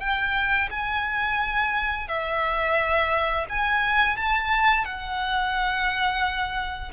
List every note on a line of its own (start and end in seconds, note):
0.00 0.69 G5
0.71 2.08 G#5
2.08 3.46 E5
3.49 4.17 G#5
4.17 4.85 A5
4.85 6.92 F#5